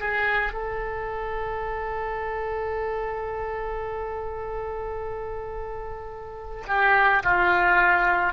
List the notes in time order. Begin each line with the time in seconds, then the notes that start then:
0.00 G#4
0.53 A4
6.67 G4
7.23 F4